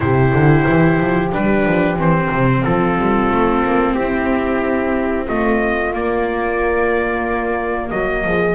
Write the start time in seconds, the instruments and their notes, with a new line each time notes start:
0.00 double bass C3, viola E4, horn G4, trumpet C5
0.33 double bass D3
0.68 double bass E3
0.99 double bass F3
1.32 double bass G3, viola D4, trumpet B4
1.65 double bass F3
1.96 double bass E3, viola C4, trumpet C5
2.31 double bass C3
2.63 double bass F3, horn F4, trumpet A4
2.98 double bass G3
3.30 double bass A3
3.64 double bass A#3
3.94 double bass C4, horn E4, trumpet G4
5.25 double bass A3, horn F4, trumpet D#5
5.92 viola A#3, double bass A#3, trumpet D5
7.90 double bass F#3, horn F#4, trumpet D#5
8.24 double bass F3, horn G#4